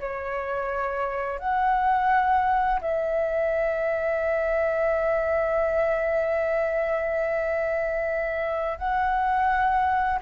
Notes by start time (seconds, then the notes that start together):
0.00 C#5
1.39 F#5
2.81 E5
8.78 F#5